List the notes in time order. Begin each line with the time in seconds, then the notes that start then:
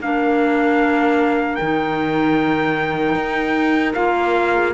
0.00 A#3 D4 A#4 F5
1.56 D#3 G5
1.62 D#4
3.15 D#4
3.94 A#3 F4 F5
4.53 G#4